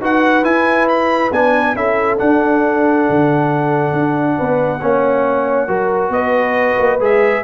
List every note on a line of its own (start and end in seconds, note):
0.00 0.43 D#4
0.00 0.43 F#4
0.00 1.76 B4
0.00 0.44 F#5
0.43 1.30 E4
0.43 1.31 E4
0.43 0.87 G#5
0.88 1.32 B5
1.31 1.75 B3
1.31 1.75 D4
1.31 1.76 G#5
1.75 2.19 C#4
1.75 2.17 E4
1.75 4.37 A4
1.75 2.18 E5
2.17 4.80 D4
2.17 3.07 D4
2.17 6.12 F#5
3.09 3.92 D3
3.92 4.36 D4
4.37 4.81 B3
4.37 4.81 B4
4.81 5.68 A#3
4.81 5.68 C#4
4.81 5.68 C#5
5.68 6.09 F#3
5.68 6.99 F#4
5.68 6.12 A#4
6.09 6.75 B3
6.09 7.43 B4
6.09 7.00 D#5
6.78 6.99 A#3
6.99 7.43 G#3
6.99 7.43 G#4
6.99 7.43 E5